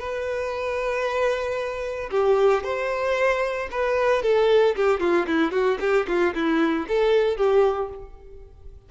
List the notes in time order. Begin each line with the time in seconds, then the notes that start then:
0.00 B4
2.11 G4
2.64 C5
3.72 B4
4.23 A4
4.76 G4
5.00 F4
5.27 E4
5.52 F#4
5.80 G4
6.08 F4
6.35 E4
6.88 A4
7.37 G4